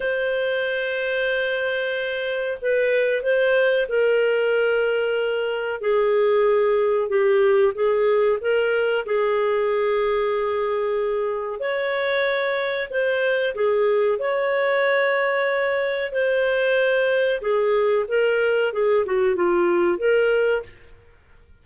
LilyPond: \new Staff \with { instrumentName = "clarinet" } { \time 4/4 \tempo 4 = 93 c''1 | b'4 c''4 ais'2~ | ais'4 gis'2 g'4 | gis'4 ais'4 gis'2~ |
gis'2 cis''2 | c''4 gis'4 cis''2~ | cis''4 c''2 gis'4 | ais'4 gis'8 fis'8 f'4 ais'4 | }